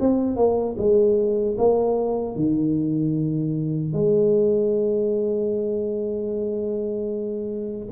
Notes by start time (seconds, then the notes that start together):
0.00 C4
0.37 A#3
0.78 G#3
1.58 A#3
2.36 D#3
3.93 G#3